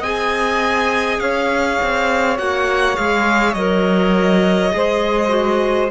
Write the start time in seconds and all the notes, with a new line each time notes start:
0.00 C4 G#4 D#5 G#5
1.20 C#4 C#5 F5
1.82 C4
2.38 A#3 F#4 F#5
2.95 G#3 G#4 F5
3.54 F#3 A#4 D#5
4.71 G#3 G#4 C5
5.29 F#4